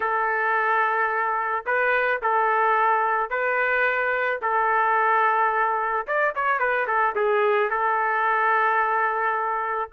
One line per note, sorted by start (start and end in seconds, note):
0.00 1.65 A4
1.66 2.21 B4
2.22 3.30 A4
3.30 4.40 B4
4.41 6.07 A4
6.07 6.34 D5
6.35 6.59 C#5
6.59 6.86 B4
6.87 7.14 A4
7.15 7.70 G#4
7.70 9.90 A4